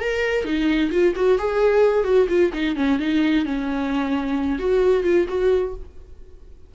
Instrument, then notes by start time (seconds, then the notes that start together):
viola
0.00 A#4
0.45 D#4
0.91 F4
1.16 F#4
1.39 G#4
2.04 F#4
2.29 F4
2.53 D#4
2.76 C#4
2.99 D#4
3.45 C#4
4.59 F#4
5.04 F4
5.29 F#4